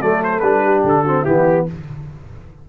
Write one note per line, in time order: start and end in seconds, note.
0.00 0.41 F#3
0.00 0.41 A3
0.00 0.64 A4
0.00 0.22 D5
0.23 0.39 C5
0.39 0.82 G3
0.39 1.06 D4
0.39 0.81 B4
0.64 1.04 G4
0.83 1.25 D3
0.83 1.24 A4
1.04 1.26 C4
1.04 1.22 F#4
1.22 1.68 E3
1.22 1.67 B3
1.22 1.64 E4
1.22 1.66 G4